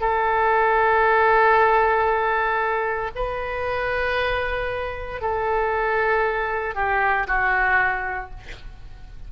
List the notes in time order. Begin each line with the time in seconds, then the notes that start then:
0.00 A4
3.15 B4
5.21 A4
6.75 G4
7.27 F#4